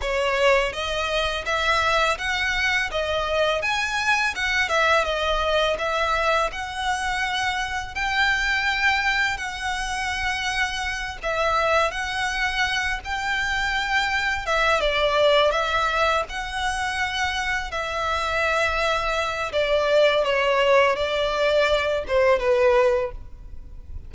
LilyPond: \new Staff \with { instrumentName = "violin" } { \time 4/4 \tempo 4 = 83 cis''4 dis''4 e''4 fis''4 | dis''4 gis''4 fis''8 e''8 dis''4 | e''4 fis''2 g''4~ | g''4 fis''2~ fis''8 e''8~ |
e''8 fis''4. g''2 | e''8 d''4 e''4 fis''4.~ | fis''8 e''2~ e''8 d''4 | cis''4 d''4. c''8 b'4 | }